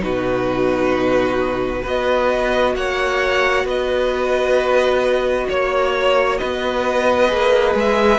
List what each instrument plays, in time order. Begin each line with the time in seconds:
0.00 cello B2, viola D#4, violin F#4 B4
1.82 cello B3, viola F#4, violin B4 D#5
2.75 cello A#3, violin C#5 F#5
3.64 cello B3, violin B4 D#5
5.49 cello A#3, violin C#5
6.38 cello B3, violin B4 D#5
7.28 cello A#3, viola G#4
7.75 cello G#3, violin E5